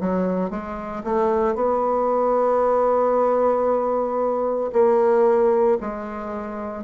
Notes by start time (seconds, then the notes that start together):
0.00 F#3
0.50 G#3
1.04 A3
1.55 B3
4.73 A#3
5.81 G#3